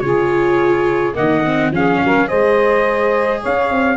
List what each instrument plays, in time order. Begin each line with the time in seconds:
0.00 tuba C#3, viola F4, saxophone G#4, trumpet C#5
1.14 tuba D#3, viola A#3, saxophone D#5, trumpet F#5
1.45 viola C4
1.71 tuba F3, viola C#4, saxophone G#4, trumpet F5
2.04 tuba F#3, saxophone A#4
2.27 tuba G#3, viola G#4, saxophone C5, trumpet D#5
3.40 tuba C#4, saxophone C#5, trumpet F5
3.71 tuba C4